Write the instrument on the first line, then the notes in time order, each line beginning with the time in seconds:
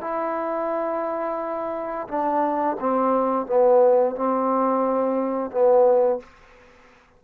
trombone
0.00 E4
2.07 D4
2.80 C4
3.46 B3
4.15 C4
5.51 B3